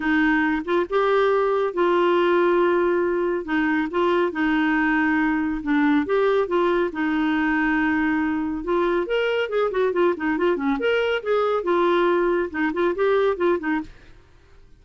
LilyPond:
\new Staff \with { instrumentName = "clarinet" } { \time 4/4 \tempo 4 = 139 dis'4. f'8 g'2 | f'1 | dis'4 f'4 dis'2~ | dis'4 d'4 g'4 f'4 |
dis'1 | f'4 ais'4 gis'8 fis'8 f'8 dis'8 | f'8 cis'8 ais'4 gis'4 f'4~ | f'4 dis'8 f'8 g'4 f'8 dis'8 | }